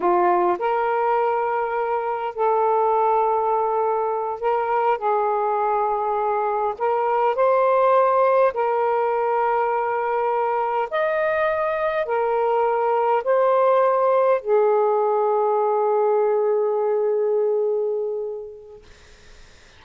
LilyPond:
\new Staff \with { instrumentName = "saxophone" } { \time 4/4 \tempo 4 = 102 f'4 ais'2. | a'2.~ a'8 ais'8~ | ais'8 gis'2. ais'8~ | ais'8 c''2 ais'4.~ |
ais'2~ ais'8 dis''4.~ | dis''8 ais'2 c''4.~ | c''8 gis'2.~ gis'8~ | gis'1 | }